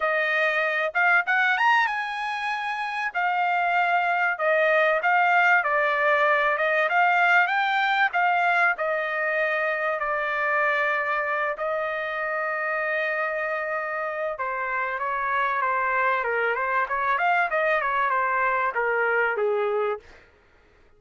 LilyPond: \new Staff \with { instrumentName = "trumpet" } { \time 4/4 \tempo 4 = 96 dis''4. f''8 fis''8 ais''8 gis''4~ | gis''4 f''2 dis''4 | f''4 d''4. dis''8 f''4 | g''4 f''4 dis''2 |
d''2~ d''8 dis''4.~ | dis''2. c''4 | cis''4 c''4 ais'8 c''8 cis''8 f''8 | dis''8 cis''8 c''4 ais'4 gis'4 | }